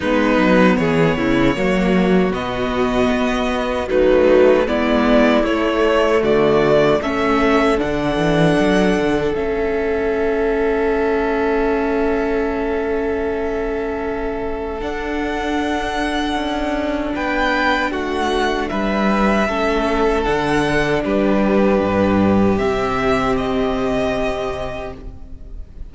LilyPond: <<
  \new Staff \with { instrumentName = "violin" } { \time 4/4 \tempo 4 = 77 b'4 cis''2 dis''4~ | dis''4 b'4 d''4 cis''4 | d''4 e''4 fis''2 | e''1~ |
e''2. fis''4~ | fis''2 g''4 fis''4 | e''2 fis''4 b'4~ | b'4 e''4 dis''2 | }
  \new Staff \with { instrumentName = "violin" } { \time 4/4 dis'4 gis'8 e'8 fis'2~ | fis'4 dis'4 e'2 | fis'4 a'2.~ | a'1~ |
a'1~ | a'2 b'4 fis'4 | b'4 a'2 g'4~ | g'1 | }
  \new Staff \with { instrumentName = "viola" } { \time 4/4 b2 ais4 b4~ | b4 fis4 b4 a4~ | a4 cis'4 d'2 | cis'1~ |
cis'2. d'4~ | d'1~ | d'4 cis'4 d'2~ | d'4 c'2. | }
  \new Staff \with { instrumentName = "cello" } { \time 4/4 gis8 fis8 e8 cis8 fis4 b,4 | b4 a4 gis4 a4 | d4 a4 d8 e8 fis8 d8 | a1~ |
a2. d'4~ | d'4 cis'4 b4 a4 | g4 a4 d4 g4 | g,4 c2. | }
>>